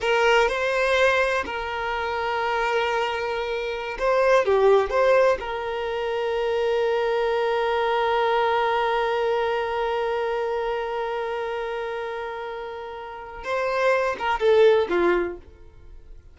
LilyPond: \new Staff \with { instrumentName = "violin" } { \time 4/4 \tempo 4 = 125 ais'4 c''2 ais'4~ | ais'1~ | ais'16 c''4 g'4 c''4 ais'8.~ | ais'1~ |
ais'1~ | ais'1~ | ais'1 | c''4. ais'8 a'4 f'4 | }